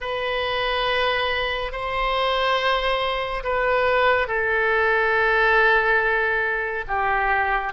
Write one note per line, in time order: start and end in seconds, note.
0.00 1.71 B4
1.71 3.43 C5
3.43 4.27 B4
4.27 6.85 A4
6.87 7.73 G4